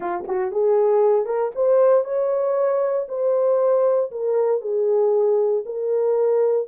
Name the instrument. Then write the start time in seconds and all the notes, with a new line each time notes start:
horn
0.00 F4
0.27 F#4
0.51 G#4
1.25 A#4
1.55 C5
2.04 C#5
3.08 C5
4.11 A#4
4.61 G#4
5.65 A#4